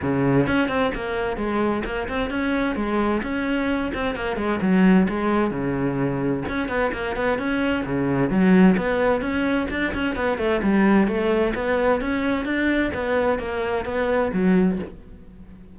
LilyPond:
\new Staff \with { instrumentName = "cello" } { \time 4/4 \tempo 4 = 130 cis4 cis'8 c'8 ais4 gis4 | ais8 c'8 cis'4 gis4 cis'4~ | cis'8 c'8 ais8 gis8 fis4 gis4 | cis2 cis'8 b8 ais8 b8 |
cis'4 cis4 fis4 b4 | cis'4 d'8 cis'8 b8 a8 g4 | a4 b4 cis'4 d'4 | b4 ais4 b4 fis4 | }